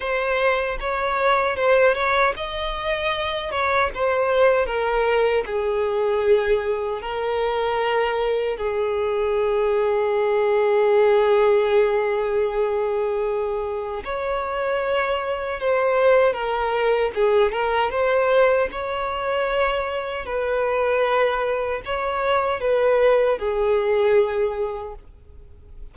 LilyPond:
\new Staff \with { instrumentName = "violin" } { \time 4/4 \tempo 4 = 77 c''4 cis''4 c''8 cis''8 dis''4~ | dis''8 cis''8 c''4 ais'4 gis'4~ | gis'4 ais'2 gis'4~ | gis'1~ |
gis'2 cis''2 | c''4 ais'4 gis'8 ais'8 c''4 | cis''2 b'2 | cis''4 b'4 gis'2 | }